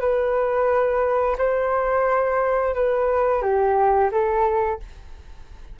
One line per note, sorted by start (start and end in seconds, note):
0.00 1.36 B4
1.38 2.74 C5
2.74 3.42 B4
3.42 4.10 G4
4.12 4.80 A4